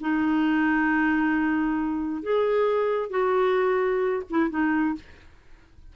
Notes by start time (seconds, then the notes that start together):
0.00 D#4
2.23 G#4
3.10 F#4
4.30 E4
4.50 D#4